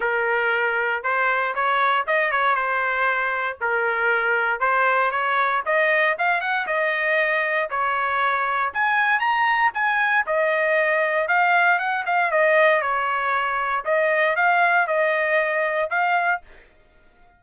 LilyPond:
\new Staff \with { instrumentName = "trumpet" } { \time 4/4 \tempo 4 = 117 ais'2 c''4 cis''4 | dis''8 cis''8 c''2 ais'4~ | ais'4 c''4 cis''4 dis''4 | f''8 fis''8 dis''2 cis''4~ |
cis''4 gis''4 ais''4 gis''4 | dis''2 f''4 fis''8 f''8 | dis''4 cis''2 dis''4 | f''4 dis''2 f''4 | }